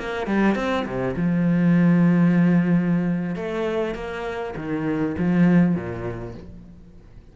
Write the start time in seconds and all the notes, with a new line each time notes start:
0.00 A#3
0.28 G3
0.56 C4
0.86 C3
1.17 F3
3.36 A3
3.95 A#3
4.57 D#3
5.18 F3
5.76 A#2